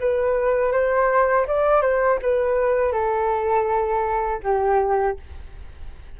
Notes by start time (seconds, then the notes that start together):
0.00 B4
0.72 C5
1.47 D5
1.81 C5
2.22 B4
2.92 A4
4.43 G4